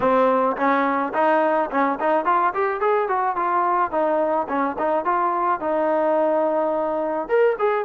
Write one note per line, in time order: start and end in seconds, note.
0.00 0.56 C4
0.56 1.12 C#4
1.13 1.69 D#4
1.70 1.98 C#4
2.00 2.25 D#4
2.25 2.53 F4
2.54 2.80 G4
2.80 3.08 G#4
3.08 3.36 F#4
3.36 3.91 F4
3.91 4.47 D#4
4.48 4.76 C#4
4.78 5.05 D#4
5.05 5.60 F4
5.60 7.28 D#4
7.28 7.56 A#4
7.59 7.85 G#4